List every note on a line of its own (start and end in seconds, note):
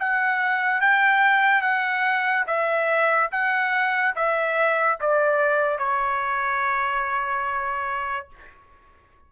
0.00 0.81 F#5
0.81 1.62 G5
1.62 2.45 F#5
2.47 3.31 E5
3.32 4.15 F#5
4.16 4.99 E5
5.01 5.79 D5
5.79 8.29 C#5